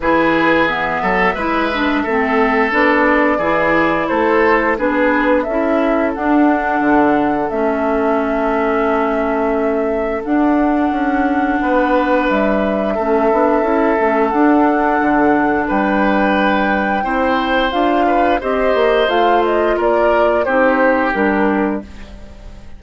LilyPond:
<<
  \new Staff \with { instrumentName = "flute" } { \time 4/4 \tempo 4 = 88 b'4 e''2. | d''2 c''4 b'4 | e''4 fis''2 e''4~ | e''2. fis''4~ |
fis''2 e''2~ | e''4 fis''2 g''4~ | g''2 f''4 dis''4 | f''8 dis''8 d''4 c''4 ais'4 | }
  \new Staff \with { instrumentName = "oboe" } { \time 4/4 gis'4. a'8 b'4 a'4~ | a'4 gis'4 a'4 gis'4 | a'1~ | a'1~ |
a'4 b'2 a'4~ | a'2. b'4~ | b'4 c''4. b'8 c''4~ | c''4 ais'4 g'2 | }
  \new Staff \with { instrumentName = "clarinet" } { \time 4/4 e'4 b4 e'8 d'8 c'4 | d'4 e'2 d'4 | e'4 d'2 cis'4~ | cis'2. d'4~ |
d'2. cis'8 d'8 | e'8 cis'8 d'2.~ | d'4 e'4 f'4 g'4 | f'2 dis'4 d'4 | }
  \new Staff \with { instrumentName = "bassoon" } { \time 4/4 e4. fis8 gis4 a4 | b4 e4 a4 b4 | cis'4 d'4 d4 a4~ | a2. d'4 |
cis'4 b4 g4 a8 b8 | cis'8 a8 d'4 d4 g4~ | g4 c'4 d'4 c'8 ais8 | a4 ais4 c'4 g4 | }
>>